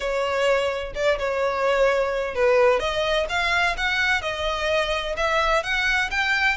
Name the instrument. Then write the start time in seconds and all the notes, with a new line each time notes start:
violin
0.00 C#5
0.94 D5
1.18 C#5
2.35 B4
2.79 D#5
3.29 F5
3.77 F#5
4.21 D#5
5.16 E5
5.63 F#5
6.10 G5